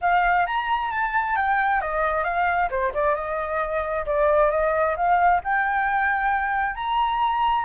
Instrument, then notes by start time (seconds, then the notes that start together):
flute
0.01 F5
0.46 A#5
0.91 A5
1.36 G5
1.81 D#5
2.24 F5
2.70 C5
2.94 D5
3.15 D#5
4.05 D5
4.50 D#5
4.96 F5
5.44 G5
6.75 A#5